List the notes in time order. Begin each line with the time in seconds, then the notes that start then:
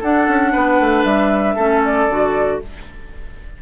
0.00 D4 A4 F#5
0.28 C#4
0.52 B3 B4
0.80 A3
1.04 G3 E5
1.55 A3 C#4 A4
1.85 D5
2.09 D3 F#4